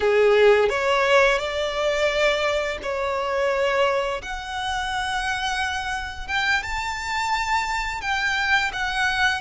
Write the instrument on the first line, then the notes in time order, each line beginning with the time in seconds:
violin
0.00 G#4
0.69 C#5
1.38 D5
2.82 C#5
4.22 F#5
6.27 G5
6.62 A5
8.01 G5
8.72 F#5